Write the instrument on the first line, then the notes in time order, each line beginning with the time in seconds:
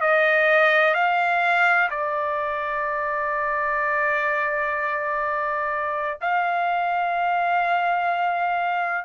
trumpet
0.00 D#5
0.94 F5
1.90 D5
6.20 F5